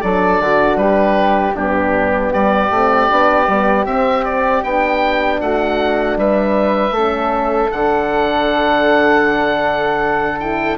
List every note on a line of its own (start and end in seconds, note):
0.00 0.40 F#3
0.00 1.56 D4
0.00 0.41 A4
0.00 0.77 D5
0.40 0.75 D3
0.40 0.79 F#4
0.75 1.52 G3
0.75 1.55 G4
0.75 1.54 B4
1.55 2.33 G2
1.55 2.71 B3
1.55 2.30 D4
1.55 2.33 G4
2.30 2.70 G3
2.30 5.38 G4
2.30 3.86 D5
2.70 3.08 A3
2.70 3.08 C4
3.08 3.47 B3
3.08 3.46 D4
3.47 3.86 G3
3.47 3.85 B3
3.85 4.62 C4
3.85 4.63 C4
3.85 4.24 E5
4.24 4.63 D5
4.62 5.40 B3
4.62 6.93 D4
4.62 5.40 G5
5.40 6.17 A3
5.40 6.17 F#4
5.40 6.17 F#5
6.17 6.91 G3
6.17 6.94 B4
6.17 7.71 E5
6.91 7.67 A3
6.91 7.69 C#4
6.91 10.78 A4
7.69 10.78 D3
7.69 10.38 D4
7.69 10.39 F#5
10.39 10.78 E4
10.39 10.78 G5